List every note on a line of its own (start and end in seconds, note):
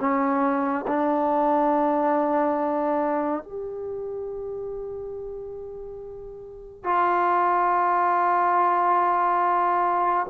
0.00 0.86 C#4
0.88 3.43 D4
3.43 6.84 G4
6.84 10.27 F4